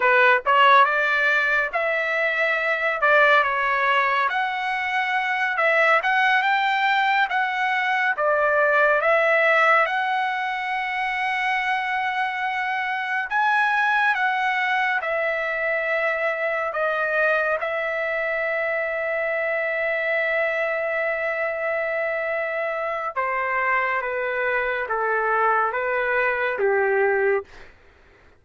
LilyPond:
\new Staff \with { instrumentName = "trumpet" } { \time 4/4 \tempo 4 = 70 b'8 cis''8 d''4 e''4. d''8 | cis''4 fis''4. e''8 fis''8 g''8~ | g''8 fis''4 d''4 e''4 fis''8~ | fis''2.~ fis''8 gis''8~ |
gis''8 fis''4 e''2 dis''8~ | dis''8 e''2.~ e''8~ | e''2. c''4 | b'4 a'4 b'4 g'4 | }